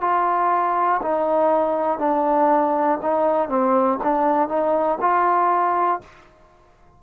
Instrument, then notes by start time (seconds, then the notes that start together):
trombone
0.00 F4
1.01 D#4
1.99 D4
3.01 D#4
3.49 C4
4.03 D4
4.48 D#4
5.00 F4